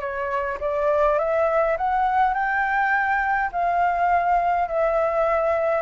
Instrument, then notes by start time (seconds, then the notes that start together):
flute
0.00 C#5
0.60 D5
1.19 E5
1.77 F#5
2.34 G5
3.52 F5
4.68 E5